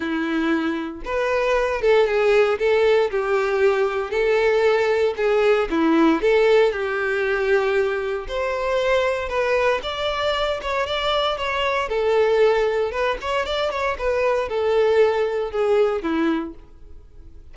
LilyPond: \new Staff \with { instrumentName = "violin" } { \time 4/4 \tempo 4 = 116 e'2 b'4. a'8 | gis'4 a'4 g'2 | a'2 gis'4 e'4 | a'4 g'2. |
c''2 b'4 d''4~ | d''8 cis''8 d''4 cis''4 a'4~ | a'4 b'8 cis''8 d''8 cis''8 b'4 | a'2 gis'4 e'4 | }